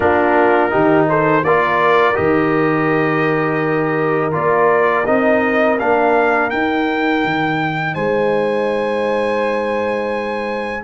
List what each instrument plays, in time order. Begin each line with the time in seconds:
0.00 tuba A#3, trombone D4, horn F4, trumpet A#4
0.70 tuba D#3, trombone D#4, horn G4
1.08 horn A4, trumpet C5
1.43 tuba A#3, trombone F4, horn A#4, trumpet D5
2.13 tuba D#3, trombone G4, trumpet D#5
4.31 tuba A#3, trombone F4, trumpet D5
5.06 tuba C4, trombone D#4, trumpet D#5
5.79 tuba A#3, trombone D4, trumpet F5
6.50 trombone D#4, tuba D#4, trumpet G5
7.24 tuba D#3
7.94 tuba G#3, horn C5, trumpet G#5